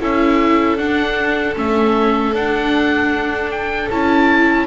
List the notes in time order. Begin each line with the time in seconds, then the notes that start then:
0.00 C#4 E4 A4 E5
0.77 D4 F#5
1.55 A3 C#4 E5
2.33 D4 F#5
3.50 G5
3.90 C#4 E4 A5